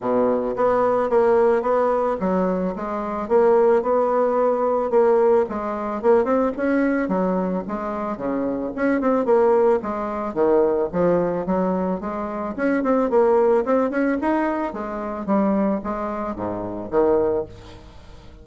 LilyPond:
\new Staff \with { instrumentName = "bassoon" } { \time 4/4 \tempo 4 = 110 b,4 b4 ais4 b4 | fis4 gis4 ais4 b4~ | b4 ais4 gis4 ais8 c'8 | cis'4 fis4 gis4 cis4 |
cis'8 c'8 ais4 gis4 dis4 | f4 fis4 gis4 cis'8 c'8 | ais4 c'8 cis'8 dis'4 gis4 | g4 gis4 gis,4 dis4 | }